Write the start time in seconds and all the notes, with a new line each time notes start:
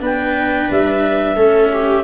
0.00 B3 D4 B4 G5
0.70 G3 E5
1.36 A3 C#4 A4
1.73 G4